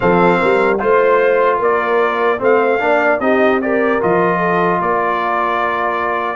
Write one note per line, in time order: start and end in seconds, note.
0.00 0.42 F3
0.00 0.78 C4
0.00 0.39 A4
0.00 0.78 F5
0.39 0.82 G3
0.39 0.79 A#4
0.79 1.61 A3
0.79 2.38 F4
0.79 1.59 C5
0.79 1.58 C5
1.58 2.41 A#3
1.58 2.38 A#4
1.58 2.42 D5
2.38 2.81 A3
2.38 2.78 C4
2.38 2.80 C5
2.38 3.20 F5
2.79 3.19 A#3
2.79 3.19 D4
2.79 3.22 D5
3.19 3.99 C4
3.19 3.61 D#4
3.19 3.62 G4
3.19 3.60 D#5
3.61 4.00 G4
3.61 4.38 A#4
3.61 4.01 D5
4.00 4.80 F3
4.00 6.35 F4
4.00 4.81 D#5
4.38 4.78 A4
4.80 6.35 A#3
4.80 6.35 A#4
4.80 6.35 D5